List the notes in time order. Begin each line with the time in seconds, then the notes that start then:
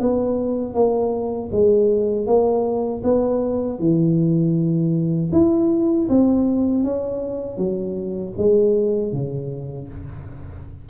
0.00 B3
0.74 A#3
1.52 G#3
2.26 A#3
3.03 B3
3.79 E3
5.32 E4
6.09 C4
6.84 C#4
7.57 F#3
8.38 G#3
9.13 C#3